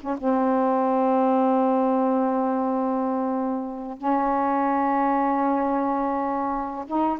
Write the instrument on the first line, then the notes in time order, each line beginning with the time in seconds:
saxophone
0.00 C#4
0.18 C4
3.97 C#4
6.87 D#4